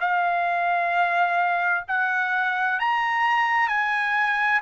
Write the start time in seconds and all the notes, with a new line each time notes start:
0.00 F5
1.88 F#5
2.79 A#5
3.68 G#5